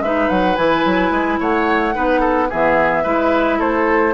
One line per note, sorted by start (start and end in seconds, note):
0.00 0.28 G#3
0.00 0.56 D#4
0.00 1.39 B4
0.00 0.29 E5
0.29 0.57 F#3
0.29 0.55 F#5
0.55 0.84 E3
0.55 1.93 E4
0.55 1.38 G#5
0.85 1.11 F#3
1.11 1.38 G#3
1.39 1.95 A3
1.39 1.94 C#5
1.39 2.51 F#5
1.93 2.50 B3
1.93 2.48 D#4
1.93 2.20 B4
2.20 2.47 A4
2.49 3.04 E3
2.49 3.04 B3
2.49 3.03 G#4
2.49 3.60 E5
3.03 3.60 G#3
3.03 4.14 E4
3.03 3.58 B4
3.58 4.14 A3
3.58 4.13 A4
3.58 4.14 C5